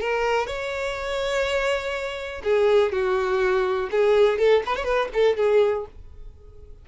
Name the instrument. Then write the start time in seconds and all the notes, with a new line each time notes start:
violin
0.00 A#4
0.47 C#5
2.43 G#4
2.92 F#4
3.91 G#4
4.38 A4
4.66 B4
4.76 C#5
4.84 B4
5.13 A4
5.37 G#4